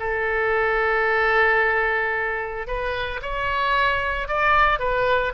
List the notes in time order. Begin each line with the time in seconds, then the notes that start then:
0.00 A4
2.68 B4
3.22 C#5
4.28 D5
4.80 B4